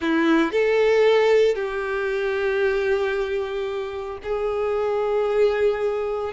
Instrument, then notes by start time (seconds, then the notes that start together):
violin
0.01 E4
0.52 A4
1.55 G4
4.23 G#4